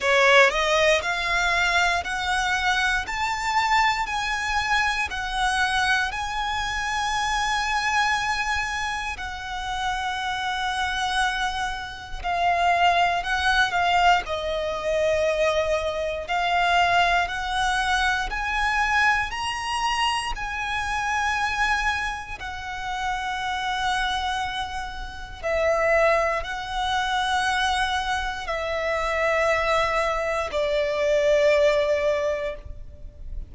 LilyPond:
\new Staff \with { instrumentName = "violin" } { \time 4/4 \tempo 4 = 59 cis''8 dis''8 f''4 fis''4 a''4 | gis''4 fis''4 gis''2~ | gis''4 fis''2. | f''4 fis''8 f''8 dis''2 |
f''4 fis''4 gis''4 ais''4 | gis''2 fis''2~ | fis''4 e''4 fis''2 | e''2 d''2 | }